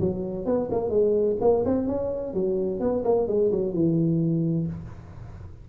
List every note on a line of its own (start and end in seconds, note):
0.00 0.46 F#3
0.46 0.69 B3
0.71 0.89 A#3
0.89 1.36 G#3
1.41 1.64 A#3
1.65 1.87 C4
1.87 2.34 C#4
2.34 2.80 F#3
2.80 3.03 B3
3.04 3.27 A#3
3.27 3.51 G#3
3.52 3.73 F#3
3.73 4.67 E3